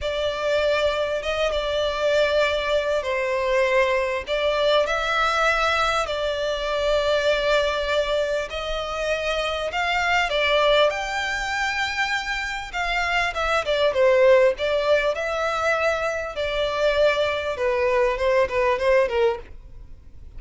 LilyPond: \new Staff \with { instrumentName = "violin" } { \time 4/4 \tempo 4 = 99 d''2 dis''8 d''4.~ | d''4 c''2 d''4 | e''2 d''2~ | d''2 dis''2 |
f''4 d''4 g''2~ | g''4 f''4 e''8 d''8 c''4 | d''4 e''2 d''4~ | d''4 b'4 c''8 b'8 c''8 ais'8 | }